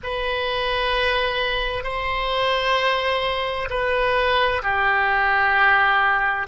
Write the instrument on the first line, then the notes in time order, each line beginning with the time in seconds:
oboe
0.03 B4
1.83 C5
3.69 B4
4.62 G4